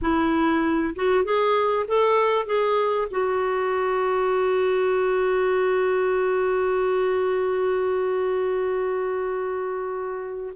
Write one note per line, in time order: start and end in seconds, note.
0.01 0.94 E4
0.95 1.24 F#4
1.24 1.86 G#4
1.87 2.46 A4
2.46 3.08 G#4
3.11 10.53 F#4